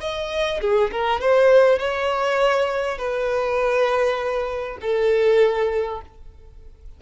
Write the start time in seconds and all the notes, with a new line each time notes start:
0.00 D#5
0.60 G#4
0.91 A#4
1.20 C5
1.78 C#5
2.98 B4
4.81 A4